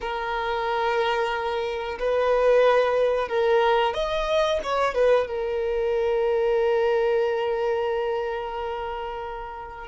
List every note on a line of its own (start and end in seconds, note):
0.00 1.98 A#4
1.99 3.28 B4
3.28 3.94 A#4
3.94 4.59 D#5
4.63 4.94 C#5
4.94 5.27 B4
5.27 9.87 A#4